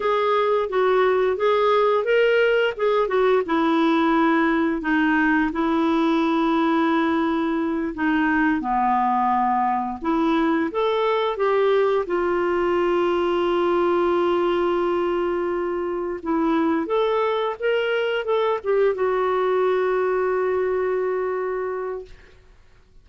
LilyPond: \new Staff \with { instrumentName = "clarinet" } { \time 4/4 \tempo 4 = 87 gis'4 fis'4 gis'4 ais'4 | gis'8 fis'8 e'2 dis'4 | e'2.~ e'8 dis'8~ | dis'8 b2 e'4 a'8~ |
a'8 g'4 f'2~ f'8~ | f'2.~ f'8 e'8~ | e'8 a'4 ais'4 a'8 g'8 fis'8~ | fis'1 | }